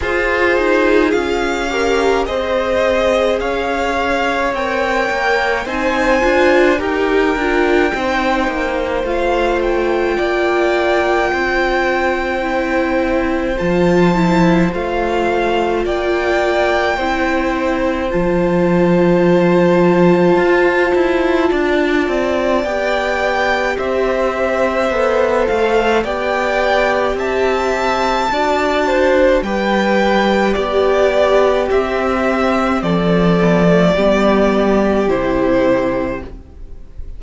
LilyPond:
<<
  \new Staff \with { instrumentName = "violin" } { \time 4/4 \tempo 4 = 53 c''4 f''4 dis''4 f''4 | g''4 gis''4 g''2 | f''8 g''2.~ g''8 | a''4 f''4 g''2 |
a''1 | g''4 e''4. f''8 g''4 | a''2 g''4 d''4 | e''4 d''2 c''4 | }
  \new Staff \with { instrumentName = "violin" } { \time 4/4 gis'4. ais'8 c''4 cis''4~ | cis''4 c''4 ais'4 c''4~ | c''4 d''4 c''2~ | c''2 d''4 c''4~ |
c''2. d''4~ | d''4 c''2 d''4 | e''4 d''8 c''8 b'4 g'4~ | g'4 a'4 g'2 | }
  \new Staff \with { instrumentName = "viola" } { \time 4/4 f'4. g'8 gis'2 | ais'4 dis'8 f'8 g'8 f'8 dis'4 | f'2. e'4 | f'8 e'8 f'2 e'4 |
f'1 | g'2 a'4 g'4~ | g'4 fis'4 g'2 | c'4. b16 a16 b4 e'4 | }
  \new Staff \with { instrumentName = "cello" } { \time 4/4 f'8 dis'8 cis'4 c'4 cis'4 | c'8 ais8 c'8 d'8 dis'8 d'8 c'8 ais8 | a4 ais4 c'2 | f4 a4 ais4 c'4 |
f2 f'8 e'8 d'8 c'8 | b4 c'4 b8 a8 b4 | c'4 d'4 g4 b4 | c'4 f4 g4 c4 | }
>>